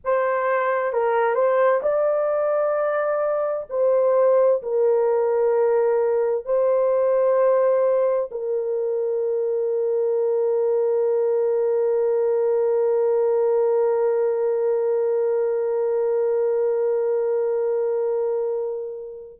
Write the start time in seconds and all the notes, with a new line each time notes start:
0.04 C5
0.92 A#4
1.34 C5
1.82 D5
3.69 C5
4.62 A#4
6.44 C5
8.31 A#4